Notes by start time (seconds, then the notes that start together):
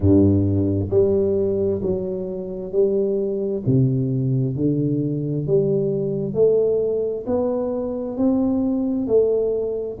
0.00 G2
0.90 G3
1.82 F#3
2.71 G3
3.66 C3
4.56 D3
5.47 G3
6.34 A3
7.26 B3
8.17 C4
9.07 A3